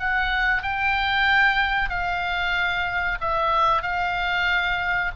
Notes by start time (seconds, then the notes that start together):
0.00 F#5
0.63 G5
1.90 F5
3.21 E5
3.83 F5